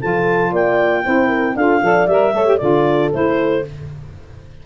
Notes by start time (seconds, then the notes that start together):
0.00 F3 F4 A4 A5
0.51 A#3 D5 G5
1.03 C4 E4 C5
1.28 A#4
1.55 D4 F4 A4 F5
1.82 F3 A4 D5
2.07 G3 A#4 E5
2.33 A3 A4 C#5
2.45 G4
2.58 D3 F4 A4 D5
3.12 A3 E4 C5